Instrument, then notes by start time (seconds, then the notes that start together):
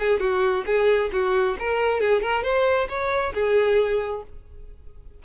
violin
0.00 G#4
0.20 F#4
0.66 G#4
1.13 F#4
1.60 A#4
2.01 G#4
2.22 A#4
2.44 C5
2.89 C#5
3.35 G#4